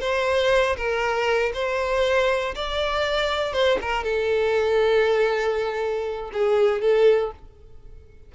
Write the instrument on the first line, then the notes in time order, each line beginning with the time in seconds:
violin
0.00 C5
0.76 A#4
1.53 C5
2.55 D5
3.52 C5
3.81 A#4
4.04 A4
6.33 G#4
6.81 A4